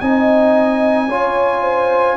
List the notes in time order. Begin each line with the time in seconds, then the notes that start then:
0.00 C4 D#4 D#5 G#5
1.08 C#4 F4 C#5
1.62 C5